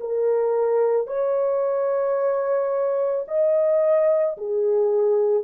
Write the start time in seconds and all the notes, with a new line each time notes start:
0.00 A#4
1.07 C#5
3.28 D#5
4.37 G#4